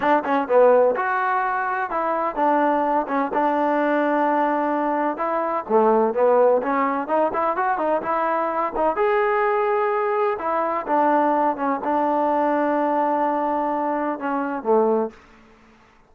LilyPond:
\new Staff \with { instrumentName = "trombone" } { \time 4/4 \tempo 4 = 127 d'8 cis'8 b4 fis'2 | e'4 d'4. cis'8 d'4~ | d'2. e'4 | a4 b4 cis'4 dis'8 e'8 |
fis'8 dis'8 e'4. dis'8 gis'4~ | gis'2 e'4 d'4~ | d'8 cis'8 d'2.~ | d'2 cis'4 a4 | }